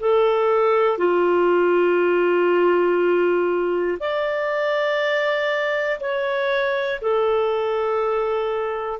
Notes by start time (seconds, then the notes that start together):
0.00 A4
0.98 F4
4.00 D5
6.00 C#5
7.01 A4